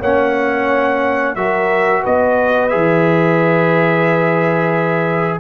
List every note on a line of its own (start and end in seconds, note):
0.00 1.35 A#3
0.00 1.36 C#4
0.00 1.35 C#5
0.00 1.35 F#5
1.35 2.03 F#3
1.35 2.70 F#4
1.35 2.03 A#4
1.35 2.03 E5
2.03 2.74 B3
2.03 5.40 B4
2.03 2.68 D#5
2.68 5.40 E3
2.68 5.40 G#4
2.68 5.38 E5